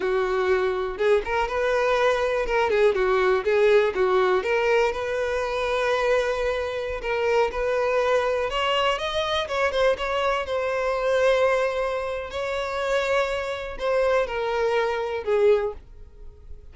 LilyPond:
\new Staff \with { instrumentName = "violin" } { \time 4/4 \tempo 4 = 122 fis'2 gis'8 ais'8 b'4~ | b'4 ais'8 gis'8 fis'4 gis'4 | fis'4 ais'4 b'2~ | b'2~ b'16 ais'4 b'8.~ |
b'4~ b'16 cis''4 dis''4 cis''8 c''16~ | c''16 cis''4 c''2~ c''8.~ | c''4 cis''2. | c''4 ais'2 gis'4 | }